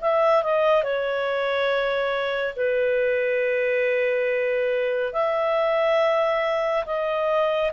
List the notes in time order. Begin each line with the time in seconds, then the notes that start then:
0.00 E5
0.43 D#5
0.83 C#5
2.56 B4
5.12 E5
6.85 D#5